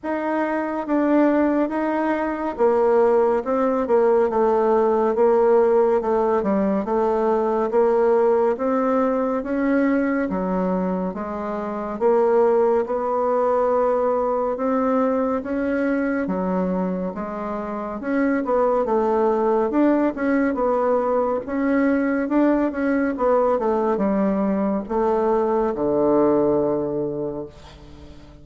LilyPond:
\new Staff \with { instrumentName = "bassoon" } { \time 4/4 \tempo 4 = 70 dis'4 d'4 dis'4 ais4 | c'8 ais8 a4 ais4 a8 g8 | a4 ais4 c'4 cis'4 | fis4 gis4 ais4 b4~ |
b4 c'4 cis'4 fis4 | gis4 cis'8 b8 a4 d'8 cis'8 | b4 cis'4 d'8 cis'8 b8 a8 | g4 a4 d2 | }